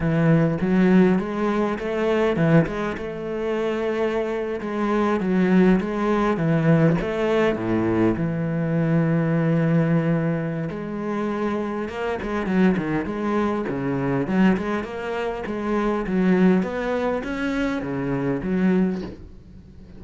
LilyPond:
\new Staff \with { instrumentName = "cello" } { \time 4/4 \tempo 4 = 101 e4 fis4 gis4 a4 | e8 gis8 a2~ a8. gis16~ | gis8. fis4 gis4 e4 a16~ | a8. a,4 e2~ e16~ |
e2 gis2 | ais8 gis8 fis8 dis8 gis4 cis4 | fis8 gis8 ais4 gis4 fis4 | b4 cis'4 cis4 fis4 | }